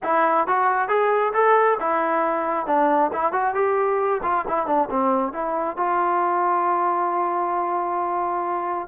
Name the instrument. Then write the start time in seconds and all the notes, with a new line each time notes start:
trombone
0.03 E4
0.47 F#4
0.88 G#4
1.33 A4
1.80 E4
2.66 D4
3.12 E4
3.32 F#4
3.54 G4
4.22 F4
4.47 E4
4.66 D4
4.90 C4
5.32 E4
5.77 F4